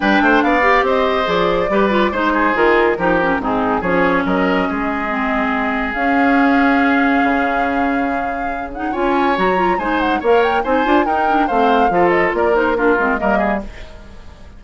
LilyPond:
<<
  \new Staff \with { instrumentName = "flute" } { \time 4/4 \tempo 4 = 141 g''4 f''4 dis''4 d''4~ | d''4 c''4 ais'2 | gis'4 cis''4 dis''2~ | dis''2 f''2~ |
f''1~ | f''8 fis''8 gis''4 ais''4 gis''8 fis''8 | f''8 g''8 gis''4 g''4 f''4~ | f''8 dis''8 d''8 c''8 ais'4 dis''4 | }
  \new Staff \with { instrumentName = "oboe" } { \time 4/4 b'8 c''8 d''4 c''2 | b'4 c''8 gis'4. g'4 | dis'4 gis'4 ais'4 gis'4~ | gis'1~ |
gis'1~ | gis'4 cis''2 c''4 | cis''4 c''4 ais'4 c''4 | a'4 ais'4 f'4 ais'8 gis'8 | }
  \new Staff \with { instrumentName = "clarinet" } { \time 4/4 d'4. g'4. gis'4 | g'8 f'8 dis'4 f'4 dis'8 cis'8 | c'4 cis'2. | c'2 cis'2~ |
cis'1~ | cis'8 dis'8 f'4 fis'8 f'8 dis'4 | ais'4 dis'8 f'8 dis'8 d'8 c'4 | f'4. dis'8 d'8 c'8 ais4 | }
  \new Staff \with { instrumentName = "bassoon" } { \time 4/4 g8 a8 b4 c'4 f4 | g4 gis4 dis4 f4 | gis,4 f4 fis4 gis4~ | gis2 cis'2~ |
cis'4 cis2.~ | cis4 cis'4 fis4 gis4 | ais4 c'8 d'8 dis'4 a4 | f4 ais4. gis8 g4 | }
>>